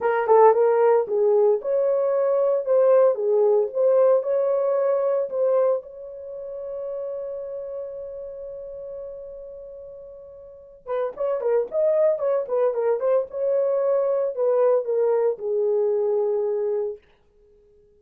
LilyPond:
\new Staff \with { instrumentName = "horn" } { \time 4/4 \tempo 4 = 113 ais'8 a'8 ais'4 gis'4 cis''4~ | cis''4 c''4 gis'4 c''4 | cis''2 c''4 cis''4~ | cis''1~ |
cis''1~ | cis''8 b'8 cis''8 ais'8 dis''4 cis''8 b'8 | ais'8 c''8 cis''2 b'4 | ais'4 gis'2. | }